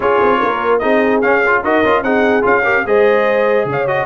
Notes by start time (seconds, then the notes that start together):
0.00 C#4 F4 G#4 C#5
0.21 C4
0.39 A#3 A#4
0.78 C4 D#4 G#4 D#5
1.21 C#4 F5
1.46 F4
1.63 D#4 F#4 A#4 D#5
1.84 C#4 F4
2.02 C4 D#4 G#4 F#5
2.41 C#4 F4 F5
2.63 G4 A#4
2.85 G#3 G#4 C5 D#5
3.65 C#3 C#5
3.72 F5
3.87 F#4 D#5